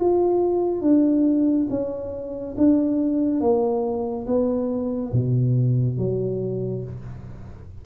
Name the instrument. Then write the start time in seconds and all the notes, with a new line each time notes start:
tuba
0.00 F4
0.82 D4
1.70 C#4
2.58 D4
3.41 A#3
4.27 B3
5.13 B2
5.98 F#3